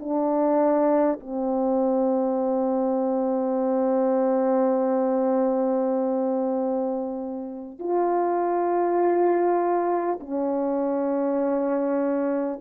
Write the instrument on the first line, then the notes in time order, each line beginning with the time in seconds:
horn
0.00 D4
1.21 C4
7.79 F4
10.21 C#4